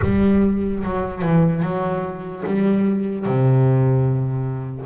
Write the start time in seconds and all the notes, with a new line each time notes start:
0.01 G3
0.83 F#3
1.22 E3
1.62 F#3
2.45 G3
3.25 C3